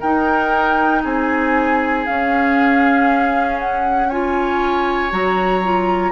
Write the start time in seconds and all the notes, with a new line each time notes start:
0.00 D#4 A#4 G5
1.03 C4 G#4 G#5
2.06 C#4 F5
3.59 F#5
4.09 F4 C#5 G#5
5.10 F#3 F#4 A#5
5.64 F4